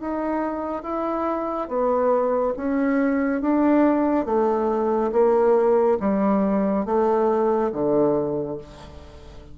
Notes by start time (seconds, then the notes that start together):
0.00 D#4
0.83 E4
1.68 B3
2.57 C#4
3.41 D4
4.25 A3
5.12 A#3
6.00 G3
6.85 A3
7.72 D3